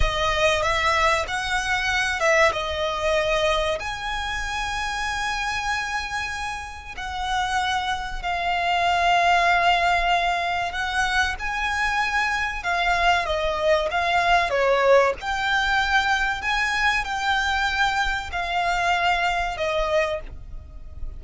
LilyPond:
\new Staff \with { instrumentName = "violin" } { \time 4/4 \tempo 4 = 95 dis''4 e''4 fis''4. e''8 | dis''2 gis''2~ | gis''2. fis''4~ | fis''4 f''2.~ |
f''4 fis''4 gis''2 | f''4 dis''4 f''4 cis''4 | g''2 gis''4 g''4~ | g''4 f''2 dis''4 | }